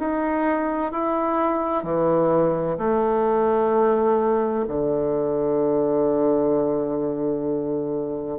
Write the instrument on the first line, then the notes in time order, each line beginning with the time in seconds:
bassoon
0.00 D#4
0.92 E4
1.84 E3
2.78 A3
4.69 D3